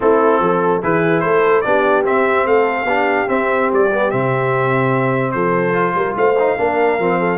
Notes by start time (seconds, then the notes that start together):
0.00 A3 C4 E4 A4
0.40 F3 A4
0.82 E3 E4 G#4 B4
1.20 A3 A4 C5
1.61 B3 D4 G4 D5
2.04 C4 E5
2.45 A3 A4 F5
2.84 B3 D4 G4
3.27 C4 E5
3.72 G3 D5
3.93 B3
4.11 C3 C4 E5
5.31 F3 A4 C5
5.73 F4
5.94 G3 A#4
6.16 A3 C5 F5
6.39 D#4
6.58 A#3 D4 A#4
6.99 F3 C4
7.19 A4